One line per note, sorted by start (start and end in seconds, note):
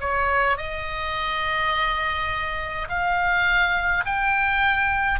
0.00 0.57 C#5
0.57 2.88 D#5
2.88 4.04 F5
4.05 5.20 G5